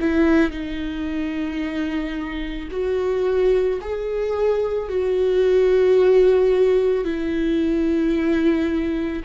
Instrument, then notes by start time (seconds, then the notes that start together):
viola
0.00 E4
0.50 D#4
2.71 F#4
3.81 G#4
4.88 F#4
7.04 E4